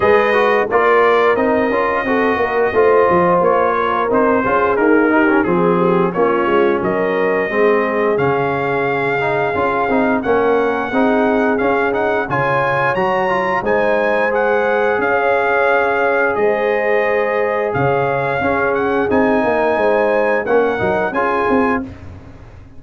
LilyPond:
<<
  \new Staff \with { instrumentName = "trumpet" } { \time 4/4 \tempo 4 = 88 dis''4 d''4 dis''2~ | dis''4 cis''4 c''4 ais'4 | gis'4 cis''4 dis''2 | f''2. fis''4~ |
fis''4 f''8 fis''8 gis''4 ais''4 | gis''4 fis''4 f''2 | dis''2 f''4. fis''8 | gis''2 fis''4 gis''4 | }
  \new Staff \with { instrumentName = "horn" } { \time 4/4 b'4 ais'2 a'8 ais'8 | c''4. ais'4 gis'4 g'8 | gis'8 g'8 f'4 ais'4 gis'4~ | gis'2. ais'4 |
gis'2 cis''2 | c''2 cis''2 | c''2 cis''4 gis'4~ | gis'8 ais'8 c''4 ais'4 gis'4 | }
  \new Staff \with { instrumentName = "trombone" } { \time 4/4 gis'8 fis'8 f'4 dis'8 f'8 fis'4 | f'2 dis'8 f'8 ais8 dis'16 cis'16 | c'4 cis'2 c'4 | cis'4. dis'8 f'8 dis'8 cis'4 |
dis'4 cis'8 dis'8 f'4 fis'8 f'8 | dis'4 gis'2.~ | gis'2. cis'4 | dis'2 cis'8 dis'8 f'4 | }
  \new Staff \with { instrumentName = "tuba" } { \time 4/4 gis4 ais4 c'8 cis'8 c'8 ais8 | a8 f8 ais4 c'8 cis'8 dis'4 | f4 ais8 gis8 fis4 gis4 | cis2 cis'8 c'8 ais4 |
c'4 cis'4 cis4 fis4 | gis2 cis'2 | gis2 cis4 cis'4 | c'8 ais8 gis4 ais8 fis8 cis'8 c'8 | }
>>